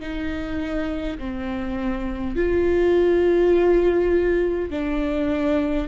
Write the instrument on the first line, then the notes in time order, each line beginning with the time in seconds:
viola
0.00 D#4
1.18 C4
2.36 F4
4.70 D4